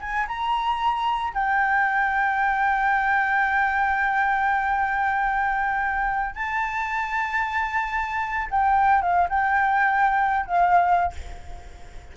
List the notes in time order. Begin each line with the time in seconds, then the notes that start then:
0.00 G#5
0.27 A#5
1.34 G5
6.35 A5
8.51 G5
9.01 F5
9.29 G5
10.46 F5